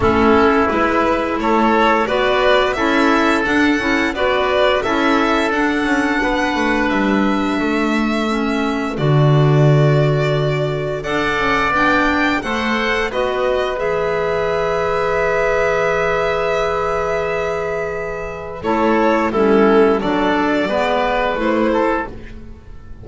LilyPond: <<
  \new Staff \with { instrumentName = "violin" } { \time 4/4 \tempo 4 = 87 a'4 b'4 cis''4 d''4 | e''4 fis''4 d''4 e''4 | fis''2 e''2~ | e''4 d''2. |
fis''4 g''4 fis''4 dis''4 | e''1~ | e''2. cis''4 | a'4 d''2 c''4 | }
  \new Staff \with { instrumentName = "oboe" } { \time 4/4 e'2 a'4 b'4 | a'2 b'4 a'4~ | a'4 b'2 a'4~ | a'1 |
d''2 c''4 b'4~ | b'1~ | b'2. a'4 | e'4 a'4 b'4. a'8 | }
  \new Staff \with { instrumentName = "clarinet" } { \time 4/4 cis'4 e'2 fis'4 | e'4 d'8 e'8 fis'4 e'4 | d'1 | cis'4 fis'2. |
a'4 d'4 a'4 fis'4 | gis'1~ | gis'2. e'4 | cis'4 d'4 b4 e'4 | }
  \new Staff \with { instrumentName = "double bass" } { \time 4/4 a4 gis4 a4 b4 | cis'4 d'8 cis'8 b4 cis'4 | d'8 cis'8 b8 a8 g4 a4~ | a4 d2. |
d'8 cis'8 b4 a4 b4 | e1~ | e2. a4 | g4 fis4 gis4 a4 | }
>>